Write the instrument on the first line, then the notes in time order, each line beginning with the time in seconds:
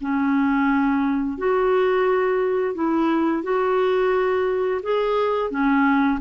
clarinet
0.00 C#4
1.37 F#4
2.74 E4
3.43 F#4
4.82 G#4
5.50 C#4